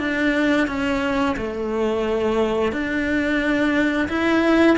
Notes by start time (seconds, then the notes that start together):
0.00 D4
0.68 C#4
1.37 A3
2.72 D4
4.09 E4